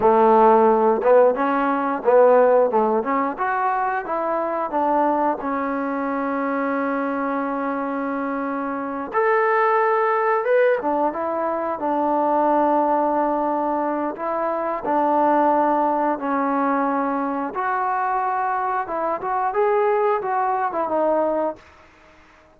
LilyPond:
\new Staff \with { instrumentName = "trombone" } { \time 4/4 \tempo 4 = 89 a4. b8 cis'4 b4 | a8 cis'8 fis'4 e'4 d'4 | cis'1~ | cis'4. a'2 b'8 |
d'8 e'4 d'2~ d'8~ | d'4 e'4 d'2 | cis'2 fis'2 | e'8 fis'8 gis'4 fis'8. e'16 dis'4 | }